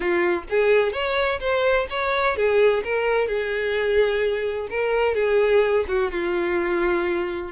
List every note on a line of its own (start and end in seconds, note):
0.00 0.43 F4
0.49 0.92 G#4
0.92 1.39 C#5
1.40 1.87 C5
1.90 2.36 C#5
2.36 2.83 G#4
2.84 3.27 A#4
3.27 4.68 G#4
4.70 5.14 A#4
5.14 5.85 G#4
5.87 6.11 F#4
6.11 7.51 F4